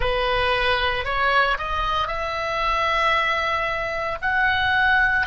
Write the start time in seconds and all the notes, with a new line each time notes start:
0.00 B4
1.04 C#5
1.57 D#5
2.07 E5
4.21 F#5